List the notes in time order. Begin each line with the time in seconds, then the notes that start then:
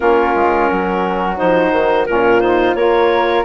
0.00 A#3 C#4 F4 A#4
0.34 G#3
0.69 F#3 F#4
1.35 F3 D#4 C5
1.71 D#3
2.06 A#2 C#4 F4 A#4
2.40 D#4 C5
2.74 A#3 F4 A#4 C#5